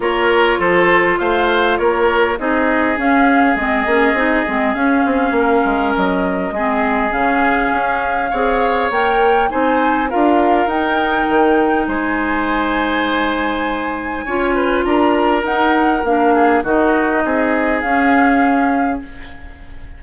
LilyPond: <<
  \new Staff \with { instrumentName = "flute" } { \time 4/4 \tempo 4 = 101 cis''4 c''4 f''4 cis''4 | dis''4 f''4 dis''2 | f''2 dis''2 | f''2. g''4 |
gis''4 f''4 g''2 | gis''1~ | gis''4 ais''4 fis''4 f''4 | dis''2 f''2 | }
  \new Staff \with { instrumentName = "oboe" } { \time 4/4 ais'4 a'4 c''4 ais'4 | gis'1~ | gis'4 ais'2 gis'4~ | gis'2 cis''2 |
c''4 ais'2. | c''1 | cis''8 b'8 ais'2~ ais'8 gis'8 | fis'4 gis'2. | }
  \new Staff \with { instrumentName = "clarinet" } { \time 4/4 f'1 | dis'4 cis'4 c'8 cis'8 dis'8 c'8 | cis'2. c'4 | cis'2 gis'4 ais'4 |
dis'4 f'4 dis'2~ | dis'1 | f'2 dis'4 d'4 | dis'2 cis'2 | }
  \new Staff \with { instrumentName = "bassoon" } { \time 4/4 ais4 f4 a4 ais4 | c'4 cis'4 gis8 ais8 c'8 gis8 | cis'8 c'8 ais8 gis8 fis4 gis4 | cis4 cis'4 c'4 ais4 |
c'4 d'4 dis'4 dis4 | gis1 | cis'4 d'4 dis'4 ais4 | dis4 c'4 cis'2 | }
>>